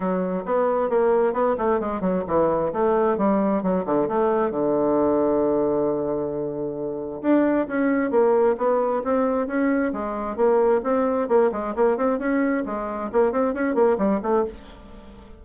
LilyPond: \new Staff \with { instrumentName = "bassoon" } { \time 4/4 \tempo 4 = 133 fis4 b4 ais4 b8 a8 | gis8 fis8 e4 a4 g4 | fis8 d8 a4 d2~ | d1 |
d'4 cis'4 ais4 b4 | c'4 cis'4 gis4 ais4 | c'4 ais8 gis8 ais8 c'8 cis'4 | gis4 ais8 c'8 cis'8 ais8 g8 a8 | }